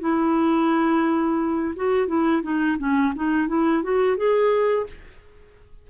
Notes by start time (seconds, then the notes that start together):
0.00 E4
1.75 F#4
2.07 E4
2.42 D#4
2.78 C#4
3.15 D#4
3.48 E4
3.83 F#4
4.17 G#4